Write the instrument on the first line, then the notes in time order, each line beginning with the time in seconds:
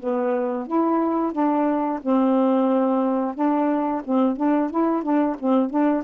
saxophone
0.00 B3
0.67 E4
1.33 D4
2.02 C4
3.35 D4
4.05 C4
4.37 D4
4.71 E4
5.03 D4
5.39 C4
5.70 D4